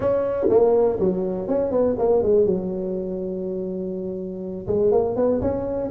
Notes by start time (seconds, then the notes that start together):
0.00 C#4
0.49 A#3
0.99 F#3
1.48 C#4
1.71 B3
1.98 A#3
2.22 G#3
2.45 F#3
4.67 G#3
4.91 A#3
5.16 B3
5.41 C#4